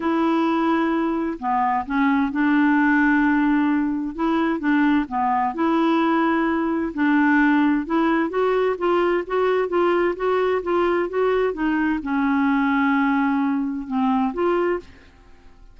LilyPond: \new Staff \with { instrumentName = "clarinet" } { \time 4/4 \tempo 4 = 130 e'2. b4 | cis'4 d'2.~ | d'4 e'4 d'4 b4 | e'2. d'4~ |
d'4 e'4 fis'4 f'4 | fis'4 f'4 fis'4 f'4 | fis'4 dis'4 cis'2~ | cis'2 c'4 f'4 | }